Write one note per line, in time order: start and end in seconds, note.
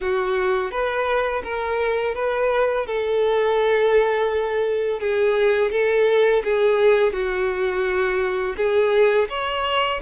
0.00 0.71 F#4
0.71 1.42 B4
1.43 2.15 A#4
2.15 2.86 B4
2.86 4.99 A4
4.99 5.71 G#4
5.71 6.42 A4
6.44 7.12 G#4
7.12 8.55 F#4
8.56 9.28 G#4
9.29 10.00 C#5